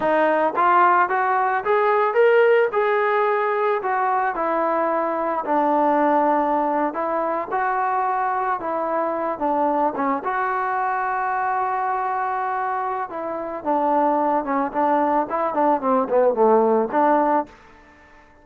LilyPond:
\new Staff \with { instrumentName = "trombone" } { \time 4/4 \tempo 4 = 110 dis'4 f'4 fis'4 gis'4 | ais'4 gis'2 fis'4 | e'2 d'2~ | d'8. e'4 fis'2 e'16~ |
e'4~ e'16 d'4 cis'8 fis'4~ fis'16~ | fis'1 | e'4 d'4. cis'8 d'4 | e'8 d'8 c'8 b8 a4 d'4 | }